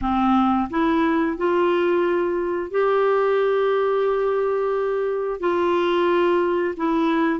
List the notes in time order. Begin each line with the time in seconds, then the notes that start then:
0.01 C4
0.70 E4
1.37 F4
2.71 G4
5.40 F4
6.76 E4